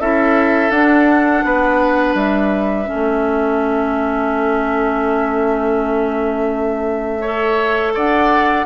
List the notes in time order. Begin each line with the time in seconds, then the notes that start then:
0.00 C#4 E4 A4 E5
0.70 D4 F#5
1.44 B3 B4
2.14 G3 E5
2.85 C#4 A4
2.94 A3
7.20 A4 C#5
7.94 D4 D5 F#5